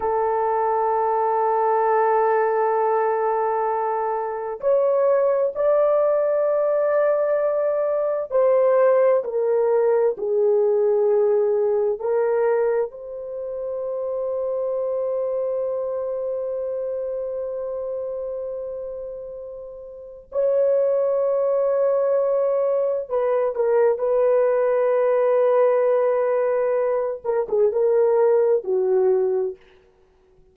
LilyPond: \new Staff \with { instrumentName = "horn" } { \time 4/4 \tempo 4 = 65 a'1~ | a'4 cis''4 d''2~ | d''4 c''4 ais'4 gis'4~ | gis'4 ais'4 c''2~ |
c''1~ | c''2 cis''2~ | cis''4 b'8 ais'8 b'2~ | b'4. ais'16 gis'16 ais'4 fis'4 | }